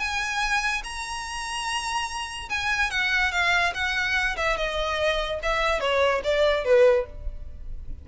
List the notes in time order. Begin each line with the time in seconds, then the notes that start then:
0.00 G#5
0.84 A#5
2.50 G#5
2.91 F#5
3.32 F5
3.75 F#5
4.37 E5
4.58 D#5
5.43 E5
5.81 C#5
6.24 D5
6.65 B4